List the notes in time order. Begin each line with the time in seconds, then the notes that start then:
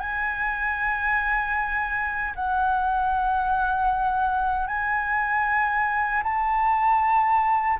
0.00 G#5
2.36 F#5
4.68 G#5
6.24 A5